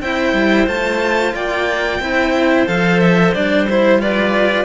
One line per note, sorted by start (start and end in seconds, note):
0.00 0.33 C4
0.00 0.67 E4
0.00 1.34 C5
0.00 0.68 G5
0.33 0.66 G3
0.67 1.33 A3
0.67 2.00 F4
0.67 1.34 A5
1.34 2.00 A#3
1.34 2.01 D5
1.34 2.67 G5
2.00 2.67 C4
2.00 2.66 E4
2.00 4.02 C5
2.66 3.34 F3
2.66 3.33 A4
2.66 3.00 F5
3.00 3.33 E5
3.34 4.65 G3
3.34 3.68 D4
3.34 3.67 D5
3.70 3.99 E4
3.70 4.01 C5
3.99 4.65 F4
3.99 4.65 B4
3.99 4.65 D5